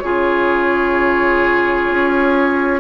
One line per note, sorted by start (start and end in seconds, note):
0.00 1.89 C#3
0.00 2.81 F4
0.00 2.81 G#4
0.00 2.81 C#5
1.89 2.81 C#4